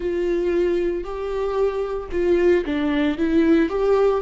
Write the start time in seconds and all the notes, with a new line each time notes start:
0.00 F4
1.04 G4
2.11 F4
2.65 D4
3.17 E4
3.69 G4